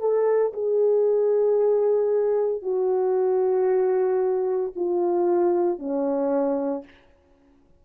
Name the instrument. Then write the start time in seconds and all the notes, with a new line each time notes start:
horn
0.00 A4
0.53 G#4
2.62 F#4
4.76 F4
5.79 C#4